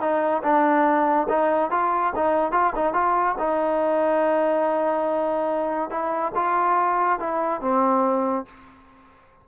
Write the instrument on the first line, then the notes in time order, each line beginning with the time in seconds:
trombone
0.00 D#4
0.43 D4
1.29 D#4
1.71 F4
2.15 D#4
2.52 F4
2.75 D#4
2.93 F4
3.39 D#4
5.90 E4
6.35 F4
7.19 E4
7.61 C4